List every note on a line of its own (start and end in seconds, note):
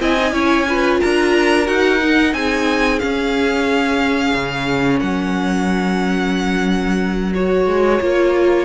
0.00 0.32 C4
0.00 0.17 E4
0.00 0.33 D#5
0.00 1.00 G#5
0.20 0.32 D#4
0.32 0.99 C#4
0.32 0.65 E4
0.32 0.66 C#5
0.69 1.66 F4
0.69 1.00 B4
1.00 1.68 D4
1.00 2.33 A#4
1.00 1.67 A#5
1.66 2.33 D#4
1.66 1.99 F#4
1.66 2.33 F#5
2.01 3.01 D#4
2.33 3.00 C4
2.33 4.99 G#4
2.33 2.99 G#5
2.99 7.34 C#4
2.99 4.34 C#4
2.99 4.99 F5
4.34 5.01 C#3
4.99 7.66 F#3
4.99 8.65 A#4
4.99 7.33 F#5
7.34 8.01 F#4
7.34 8.65 C#5
7.66 8.00 G#3
8.00 8.65 A#3
8.00 8.65 F4